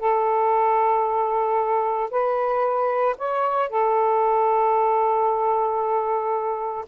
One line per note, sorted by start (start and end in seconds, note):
0.00 2.11 A4
2.11 3.17 B4
3.18 3.70 C#5
3.70 6.86 A4